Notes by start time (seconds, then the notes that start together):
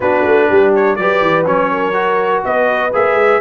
0.00 B3 D4 F#4 B4
0.24 A3
0.48 G3 G4
0.75 C#5
0.95 F#3 G4 B4 D5
1.21 E3
1.45 F#3 C#4 C#5
1.71 A#4
1.93 F#4
2.44 B3 B4 D#5
2.93 A#3 G#4 E5
3.13 G#3